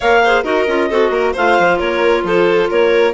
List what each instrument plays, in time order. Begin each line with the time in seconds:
0.00 bassoon A#3, clarinet A#4 F5, violin C#5
0.23 clarinet G#4, violin C5
0.43 bassoon D#4, clarinet F#4 D#5, violin A#4
0.67 bassoon C#4, clarinet F4
0.89 bassoon C4, clarinet F#4, violin A4
1.10 bassoon A#3, violin A#4
1.33 bassoon A3, clarinet F4 F5, violin C5
1.58 bassoon F3
1.78 bassoon A#3, violin A#4, clarinet C#5
2.23 bassoon F3, violin A4, clarinet C5
2.69 bassoon A#3, violin A#4, clarinet C#5